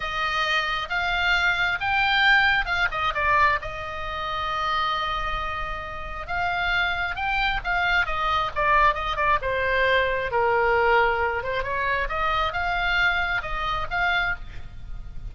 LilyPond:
\new Staff \with { instrumentName = "oboe" } { \time 4/4 \tempo 4 = 134 dis''2 f''2 | g''2 f''8 dis''8 d''4 | dis''1~ | dis''2 f''2 |
g''4 f''4 dis''4 d''4 | dis''8 d''8 c''2 ais'4~ | ais'4. c''8 cis''4 dis''4 | f''2 dis''4 f''4 | }